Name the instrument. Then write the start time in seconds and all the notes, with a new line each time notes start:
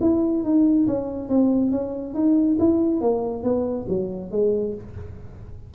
tuba
0.00 E4
0.44 D#4
0.87 C#4
1.29 C4
1.71 C#4
2.14 D#4
2.59 E4
3.01 A#3
3.43 B3
3.88 F#3
4.31 G#3